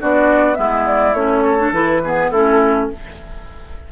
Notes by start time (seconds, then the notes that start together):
0.00 B3 D4 F#4 D5
0.54 G#3 B3 E4 E5
0.86 D5
1.14 A3 C#4 C#5
1.44 A4
1.59 D4
1.72 E3 E4 B4
2.04 B3 G#4
2.30 A3 C#4 E4 A4